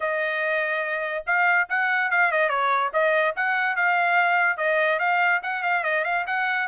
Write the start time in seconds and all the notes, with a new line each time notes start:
0.00 D#5
1.26 F5
1.69 F#5
2.10 F5
2.31 D#5
2.49 C#5
2.93 D#5
3.36 F#5
3.76 F5
4.57 D#5
4.99 F5
5.43 F#5
5.62 F5
5.83 D#5
6.04 F5
6.26 F#5